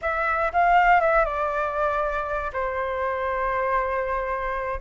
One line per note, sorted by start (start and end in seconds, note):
0.01 0.52 E5
0.52 1.00 F5
1.00 1.25 E5
1.25 2.51 D5
2.53 4.79 C5